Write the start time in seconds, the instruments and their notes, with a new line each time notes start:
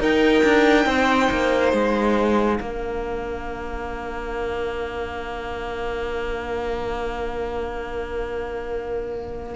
0.00 cello D#4, viola D#4, violin A#4 G5
0.44 cello D4
0.86 cello C4, violin C5
1.31 cello A#3
1.72 cello G#3, violin F5
2.60 cello A#3, viola D4, violin A#4